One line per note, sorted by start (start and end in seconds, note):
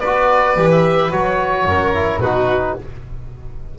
0.00 0.57 B3
0.00 0.57 F#4
0.00 1.66 B4
0.00 0.69 D5
0.57 1.12 E3
0.57 1.12 G4
0.72 1.12 E5
1.12 1.65 F#3
1.12 1.94 F#4
1.12 2.21 C#5
1.65 2.19 F#2
1.65 2.22 A#4
1.94 2.22 E4
2.19 2.74 B2
2.19 2.79 D#4
2.19 2.77 F#4
2.19 2.76 B4